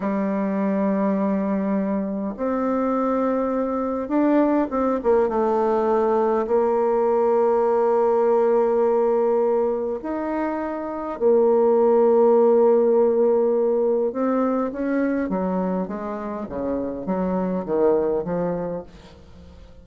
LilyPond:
\new Staff \with { instrumentName = "bassoon" } { \time 4/4 \tempo 4 = 102 g1 | c'2. d'4 | c'8 ais8 a2 ais4~ | ais1~ |
ais4 dis'2 ais4~ | ais1 | c'4 cis'4 fis4 gis4 | cis4 fis4 dis4 f4 | }